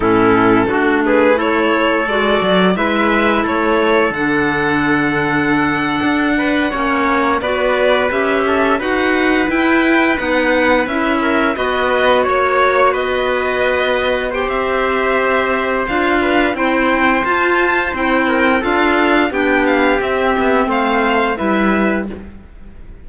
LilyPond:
<<
  \new Staff \with { instrumentName = "violin" } { \time 4/4 \tempo 4 = 87 a'4. b'8 cis''4 d''4 | e''4 cis''4 fis''2~ | fis''2~ fis''8. d''4 e''16~ | e''8. fis''4 g''4 fis''4 e''16~ |
e''8. dis''4 cis''4 dis''4~ dis''16~ | dis''8. g''16 e''2 f''4 | g''4 a''4 g''4 f''4 | g''8 f''8 e''4 f''4 e''4 | }
  \new Staff \with { instrumentName = "trumpet" } { \time 4/4 e'4 fis'8 gis'8 a'2 | b'4 a'2.~ | a'4~ a'16 b'8 cis''4 b'4~ b'16~ | b'16 a'8 b'2.~ b'16~ |
b'16 ais'8 b'4 cis''4 b'4~ b'16~ | b'8. c''2~ c''8. b'8 | c''2~ c''8 ais'8 a'4 | g'2 c''4 b'4 | }
  \new Staff \with { instrumentName = "clarinet" } { \time 4/4 cis'4 d'4 e'4 fis'4 | e'2 d'2~ | d'4.~ d'16 cis'4 fis'4 g'16~ | g'8. fis'4 e'4 dis'4 e'16~ |
e'8. fis'2.~ fis'16~ | fis'8. g'2~ g'16 f'4 | e'4 f'4 e'4 f'4 | d'4 c'2 e'4 | }
  \new Staff \with { instrumentName = "cello" } { \time 4/4 a,4 a2 gis8 fis8 | gis4 a4 d2~ | d8. d'4 ais4 b4 cis'16~ | cis'8. dis'4 e'4 b4 cis'16~ |
cis'8. b4 ais4 b4~ b16~ | b4 c'2 d'4 | c'4 f'4 c'4 d'4 | b4 c'8 b8 a4 g4 | }
>>